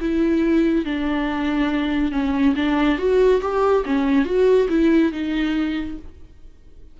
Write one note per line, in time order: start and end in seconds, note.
0.00 0.85 E4
0.85 2.12 D4
2.12 2.54 C#4
2.56 2.98 D4
2.98 3.41 F#4
3.41 3.84 G4
3.85 4.25 C#4
4.25 4.68 F#4
4.69 5.12 E4
5.12 5.98 D#4